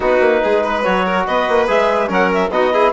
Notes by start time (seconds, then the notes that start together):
0.00 B3 D#4 F#4 B4
0.20 A#3
0.43 G#3 G#4
0.63 B4
0.83 F#3 F#4 C#5
1.05 A#4
1.26 B3 B4 D#5
1.48 A#3
1.67 G#3 G#4 E5
2.07 F#3 C#4 A#4 F#5
2.33 E5
2.49 B3 D#4 F#4 D#5
2.72 E4 G#4